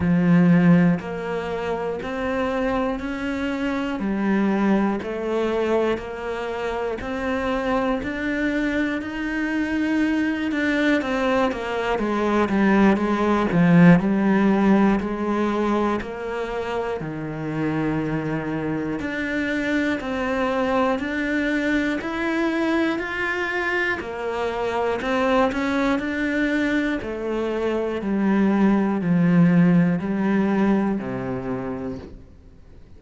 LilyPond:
\new Staff \with { instrumentName = "cello" } { \time 4/4 \tempo 4 = 60 f4 ais4 c'4 cis'4 | g4 a4 ais4 c'4 | d'4 dis'4. d'8 c'8 ais8 | gis8 g8 gis8 f8 g4 gis4 |
ais4 dis2 d'4 | c'4 d'4 e'4 f'4 | ais4 c'8 cis'8 d'4 a4 | g4 f4 g4 c4 | }